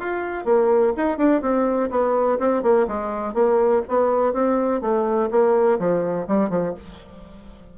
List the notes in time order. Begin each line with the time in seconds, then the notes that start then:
0.00 F4
0.45 A#3
0.97 D#4
1.18 D4
1.42 C4
1.91 B3
2.40 C4
2.63 A#3
2.88 G#3
3.35 A#3
3.89 B3
4.34 C4
4.82 A3
5.31 A#3
5.79 F3
6.28 G3
6.50 F3